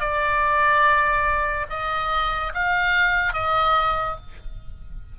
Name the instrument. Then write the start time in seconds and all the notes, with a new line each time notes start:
oboe
0.00 D5
1.69 D#5
2.54 F5
3.33 D#5